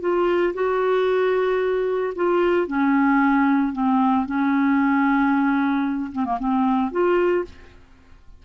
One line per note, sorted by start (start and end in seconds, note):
0.00 0.53 F4
0.54 2.13 F#4
2.15 2.67 F4
2.67 3.73 C#4
3.73 4.26 C4
4.26 6.11 C#4
6.12 6.25 C4
6.25 6.38 A#3
6.39 6.91 C4
6.91 7.44 F4